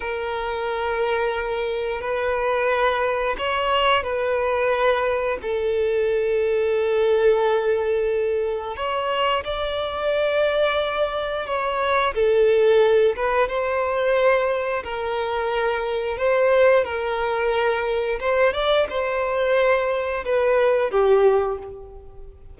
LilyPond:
\new Staff \with { instrumentName = "violin" } { \time 4/4 \tempo 4 = 89 ais'2. b'4~ | b'4 cis''4 b'2 | a'1~ | a'4 cis''4 d''2~ |
d''4 cis''4 a'4. b'8 | c''2 ais'2 | c''4 ais'2 c''8 d''8 | c''2 b'4 g'4 | }